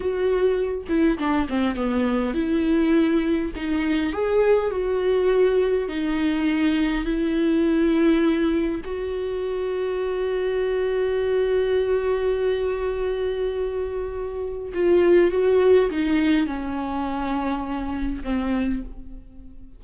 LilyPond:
\new Staff \with { instrumentName = "viola" } { \time 4/4 \tempo 4 = 102 fis'4. e'8 d'8 c'8 b4 | e'2 dis'4 gis'4 | fis'2 dis'2 | e'2. fis'4~ |
fis'1~ | fis'1~ | fis'4 f'4 fis'4 dis'4 | cis'2. c'4 | }